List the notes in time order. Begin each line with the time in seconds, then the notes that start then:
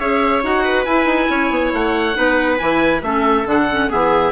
0.00 C#4 G#4 C#5 E5
0.43 D#4 F#4 F#5
0.64 B4
0.86 E4 G#5
1.05 D#4
1.30 C#4 C#5
1.51 B3
1.74 A3 F#5
2.14 B3 D#4 B4
2.59 E3 E4 G#5
3.03 A3 C#4 A4 E5
3.45 D3 D4 F#5
3.72 C#4
3.89 E3 B3 G#4 E5